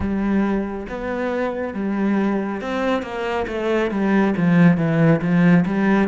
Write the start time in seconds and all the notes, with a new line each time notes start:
0.00 G3
0.89 B3
1.74 G3
2.61 C4
3.02 A#3
3.47 A3
3.90 G3
4.36 F3
4.77 E3
5.21 F3
5.65 G3